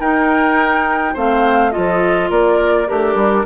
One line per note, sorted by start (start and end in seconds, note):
0.00 1.16 D#4
0.00 1.14 A#4
0.00 1.16 G5
1.14 1.75 A3
1.14 1.72 C4
1.14 1.72 C5
1.14 1.72 F5
1.72 2.31 F3
1.72 2.87 F4
1.72 2.30 A4
1.72 2.30 D#5
2.30 2.88 A#3
2.30 2.88 A#4
2.30 2.89 D5
2.87 3.16 A3
2.87 3.46 D4
2.87 3.45 G4
2.87 3.46 A#4
3.16 3.44 G3